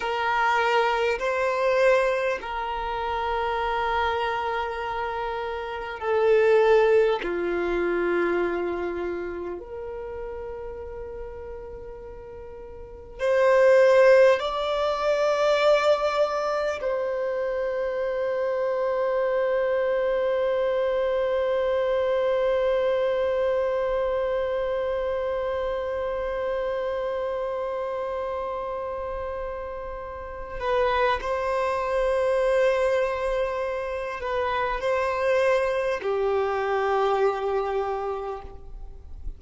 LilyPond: \new Staff \with { instrumentName = "violin" } { \time 4/4 \tempo 4 = 50 ais'4 c''4 ais'2~ | ais'4 a'4 f'2 | ais'2. c''4 | d''2 c''2~ |
c''1~ | c''1~ | c''4. b'8 c''2~ | c''8 b'8 c''4 g'2 | }